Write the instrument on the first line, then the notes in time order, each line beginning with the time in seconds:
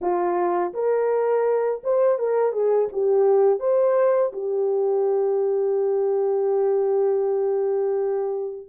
horn
0.01 F4
0.73 A#4
1.83 C5
2.18 A#4
2.52 G#4
2.92 G4
3.59 C5
4.32 G4